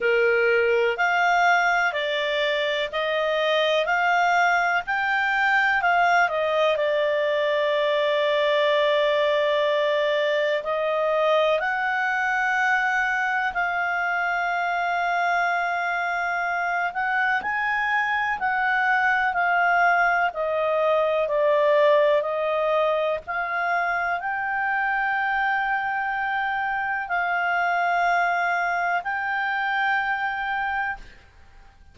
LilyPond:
\new Staff \with { instrumentName = "clarinet" } { \time 4/4 \tempo 4 = 62 ais'4 f''4 d''4 dis''4 | f''4 g''4 f''8 dis''8 d''4~ | d''2. dis''4 | fis''2 f''2~ |
f''4. fis''8 gis''4 fis''4 | f''4 dis''4 d''4 dis''4 | f''4 g''2. | f''2 g''2 | }